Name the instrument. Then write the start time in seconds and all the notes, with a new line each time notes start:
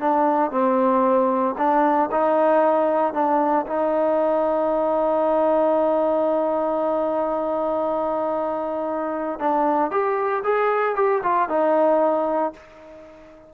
trombone
0.00 D4
0.51 C4
1.58 D4
2.12 D#4
3.14 D4
3.67 D#4
9.40 D4
9.91 G4
10.44 G#4
10.96 G4
11.23 F4
11.49 D#4